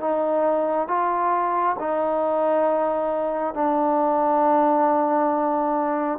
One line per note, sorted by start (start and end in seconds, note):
0.00 0.88 D#4
0.88 1.76 F4
1.79 3.54 D#4
3.54 6.19 D4